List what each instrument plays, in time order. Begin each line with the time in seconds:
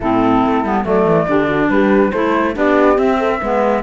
0.00 cello A2, clarinet C4, horn E4, flute A4
0.45 cello A3
0.64 cello G3, clarinet B3
0.84 cello F#3, clarinet A3, horn A4, flute D5
1.05 cello E3
1.28 cello D3, clarinet D4, horn G4
1.47 horn F#4
1.69 cello G3, horn G4, flute B4
2.11 cello A3, clarinet E4, horn A4, flute C5
2.54 cello B3, clarinet D4, horn G4, flute D5
2.95 clarinet C4, cello C4, flute E5
3.17 horn A4
3.40 cello G#3, clarinet B3, horn B4